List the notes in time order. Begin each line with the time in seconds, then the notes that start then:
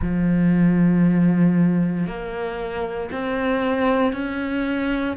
0.01 F3
2.06 A#3
3.11 C4
4.12 C#4